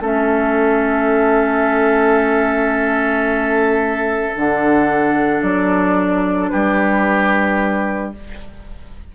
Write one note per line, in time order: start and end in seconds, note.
0.00 4.32 A3
0.00 4.34 C#4
0.00 6.51 A4
0.00 4.37 E5
4.36 5.43 D3
4.36 8.14 D4
4.36 5.42 F#5
5.42 6.51 F#3
5.42 6.50 D5
6.50 8.16 G3
6.50 8.14 G4
6.50 8.12 B4